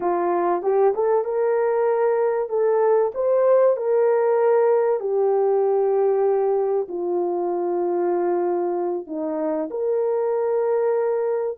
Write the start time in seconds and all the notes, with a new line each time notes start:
0.00 F4
0.62 G4
0.94 A4
1.24 A#4
2.49 A4
3.14 C5
3.76 A#4
4.99 G4
6.88 F4
9.06 D#4
9.70 A#4